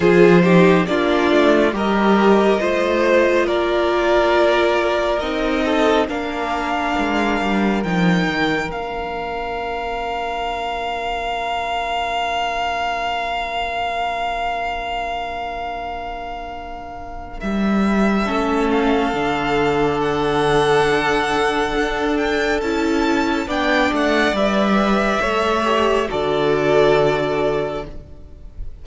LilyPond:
<<
  \new Staff \with { instrumentName = "violin" } { \time 4/4 \tempo 4 = 69 c''4 d''4 dis''2 | d''2 dis''4 f''4~ | f''4 g''4 f''2~ | f''1~ |
f''1 | e''4. f''4. fis''4~ | fis''4. g''8 a''4 g''8 fis''8 | e''2 d''2 | }
  \new Staff \with { instrumentName = "violin" } { \time 4/4 gis'8 g'8 f'4 ais'4 c''4 | ais'2~ ais'8 a'8 ais'4~ | ais'1~ | ais'1~ |
ais'1~ | ais'4 a'2.~ | a'2. d''4~ | d''4 cis''4 a'2 | }
  \new Staff \with { instrumentName = "viola" } { \time 4/4 f'8 dis'8 d'4 g'4 f'4~ | f'2 dis'4 d'4~ | d'4 dis'4 d'2~ | d'1~ |
d'1~ | d'4 cis'4 d'2~ | d'2 e'4 d'4 | b'4 a'8 g'8 fis'2 | }
  \new Staff \with { instrumentName = "cello" } { \time 4/4 f4 ais8 a8 g4 a4 | ais2 c'4 ais4 | gis8 g8 f8 dis8 ais2~ | ais1~ |
ais1 | g4 a4 d2~ | d4 d'4 cis'4 b8 a8 | g4 a4 d2 | }
>>